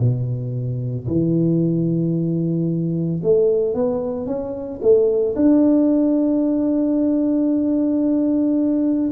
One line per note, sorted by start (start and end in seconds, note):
0.00 1.07 B2
1.07 3.21 E3
3.23 3.75 A3
3.75 4.27 B3
4.27 4.80 C#4
4.82 5.36 A3
5.36 9.11 D4